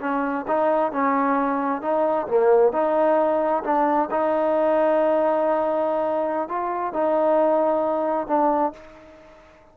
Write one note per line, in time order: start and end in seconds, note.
0.00 0.45 C#4
0.48 0.92 D#4
0.92 1.82 C#4
1.82 2.27 D#4
2.27 2.72 A#3
2.72 3.63 D#4
3.63 4.09 D4
4.11 6.48 D#4
6.48 6.93 F4
6.93 8.27 D#4
8.27 8.73 D4